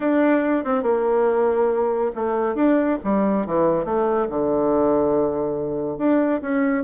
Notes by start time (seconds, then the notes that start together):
0.00 D4
0.64 C4
0.83 A#3
2.15 A3
2.55 D4
3.04 G3
3.46 E3
3.84 A3
4.29 D3
5.97 D4
6.41 C#4